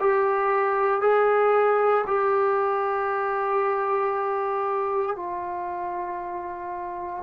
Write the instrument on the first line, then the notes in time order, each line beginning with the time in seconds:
trombone
0.00 G4
1.02 G#4
2.07 G4
5.16 F4